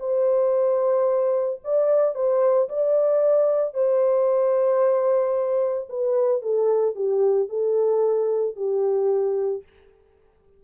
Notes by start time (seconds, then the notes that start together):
0.00 C5
1.64 D5
2.15 C5
2.69 D5
3.74 C5
5.89 B4
6.42 A4
6.95 G4
7.49 A4
8.56 G4